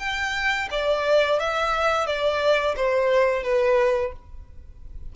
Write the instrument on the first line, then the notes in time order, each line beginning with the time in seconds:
violin
0.00 G5
0.71 D5
1.40 E5
2.07 D5
2.76 C5
3.44 B4